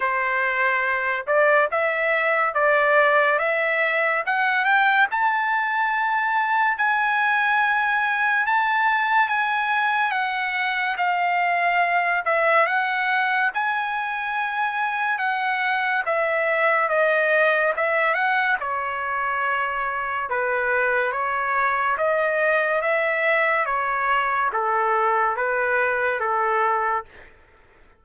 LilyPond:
\new Staff \with { instrumentName = "trumpet" } { \time 4/4 \tempo 4 = 71 c''4. d''8 e''4 d''4 | e''4 fis''8 g''8 a''2 | gis''2 a''4 gis''4 | fis''4 f''4. e''8 fis''4 |
gis''2 fis''4 e''4 | dis''4 e''8 fis''8 cis''2 | b'4 cis''4 dis''4 e''4 | cis''4 a'4 b'4 a'4 | }